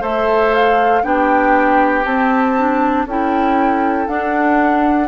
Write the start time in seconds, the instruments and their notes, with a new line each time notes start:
0.00 bassoon A3, clarinet A4, oboe C5, flute E5
0.54 flute F5
1.03 bassoon B3, clarinet D4, oboe G4, flute G5
2.05 bassoon C4, clarinet C4, flute A5
2.57 clarinet D4
3.06 bassoon C#4, clarinet E4, oboe A4, flute G5
4.07 clarinet D4, bassoon D4, flute F#5